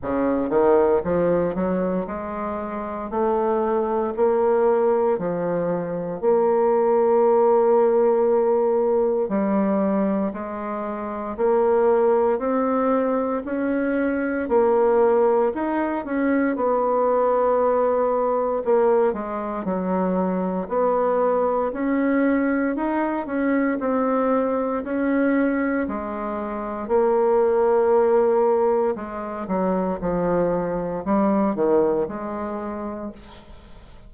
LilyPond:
\new Staff \with { instrumentName = "bassoon" } { \time 4/4 \tempo 4 = 58 cis8 dis8 f8 fis8 gis4 a4 | ais4 f4 ais2~ | ais4 g4 gis4 ais4 | c'4 cis'4 ais4 dis'8 cis'8 |
b2 ais8 gis8 fis4 | b4 cis'4 dis'8 cis'8 c'4 | cis'4 gis4 ais2 | gis8 fis8 f4 g8 dis8 gis4 | }